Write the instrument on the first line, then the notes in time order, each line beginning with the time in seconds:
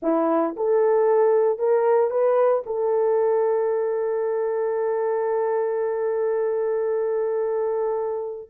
horn
0.02 E4
0.56 A4
1.58 A#4
2.10 B4
2.66 A4